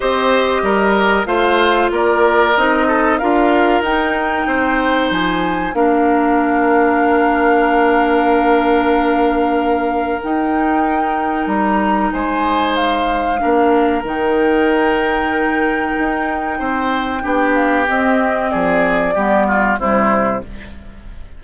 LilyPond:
<<
  \new Staff \with { instrumentName = "flute" } { \time 4/4 \tempo 4 = 94 dis''2 f''4 d''4 | dis''4 f''4 g''2 | gis''4 f''2.~ | f''1 |
g''2 ais''4 gis''4 | f''2 g''2~ | g''2.~ g''8 f''8 | dis''4 d''2 c''4 | }
  \new Staff \with { instrumentName = "oboe" } { \time 4/4 c''4 ais'4 c''4 ais'4~ | ais'8 a'8 ais'2 c''4~ | c''4 ais'2.~ | ais'1~ |
ais'2. c''4~ | c''4 ais'2.~ | ais'2 c''4 g'4~ | g'4 gis'4 g'8 f'8 e'4 | }
  \new Staff \with { instrumentName = "clarinet" } { \time 4/4 g'2 f'2 | dis'4 f'4 dis'2~ | dis'4 d'2.~ | d'1 |
dis'1~ | dis'4 d'4 dis'2~ | dis'2. d'4 | c'2 b4 g4 | }
  \new Staff \with { instrumentName = "bassoon" } { \time 4/4 c'4 g4 a4 ais4 | c'4 d'4 dis'4 c'4 | f4 ais2.~ | ais1 |
dis'2 g4 gis4~ | gis4 ais4 dis2~ | dis4 dis'4 c'4 b4 | c'4 f4 g4 c4 | }
>>